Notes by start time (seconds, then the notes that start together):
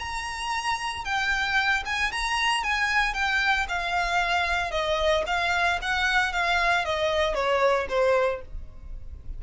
0.00 A#5
1.05 G5
1.86 G#5
2.12 A#5
2.64 G#5
3.14 G5
3.69 F5
4.72 D#5
5.27 F5
5.83 F#5
6.33 F5
6.85 D#5
7.35 C#5
7.89 C5